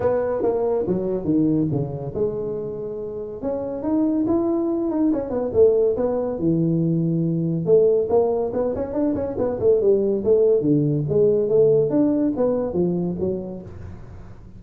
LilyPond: \new Staff \with { instrumentName = "tuba" } { \time 4/4 \tempo 4 = 141 b4 ais4 fis4 dis4 | cis4 gis2. | cis'4 dis'4 e'4. dis'8 | cis'8 b8 a4 b4 e4~ |
e2 a4 ais4 | b8 cis'8 d'8 cis'8 b8 a8 g4 | a4 d4 gis4 a4 | d'4 b4 f4 fis4 | }